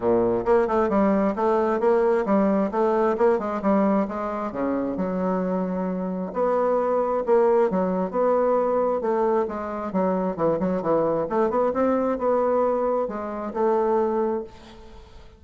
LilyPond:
\new Staff \with { instrumentName = "bassoon" } { \time 4/4 \tempo 4 = 133 ais,4 ais8 a8 g4 a4 | ais4 g4 a4 ais8 gis8 | g4 gis4 cis4 fis4~ | fis2 b2 |
ais4 fis4 b2 | a4 gis4 fis4 e8 fis8 | e4 a8 b8 c'4 b4~ | b4 gis4 a2 | }